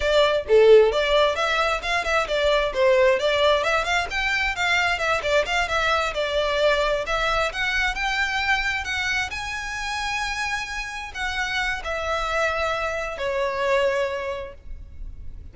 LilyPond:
\new Staff \with { instrumentName = "violin" } { \time 4/4 \tempo 4 = 132 d''4 a'4 d''4 e''4 | f''8 e''8 d''4 c''4 d''4 | e''8 f''8 g''4 f''4 e''8 d''8 | f''8 e''4 d''2 e''8~ |
e''8 fis''4 g''2 fis''8~ | fis''8 gis''2.~ gis''8~ | gis''8 fis''4. e''2~ | e''4 cis''2. | }